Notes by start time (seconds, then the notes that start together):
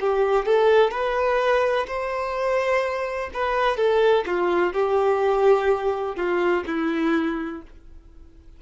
0.00 G4
0.45 A4
0.90 B4
1.87 C5
3.33 B4
3.76 A4
4.26 F4
4.73 G4
6.16 F4
6.66 E4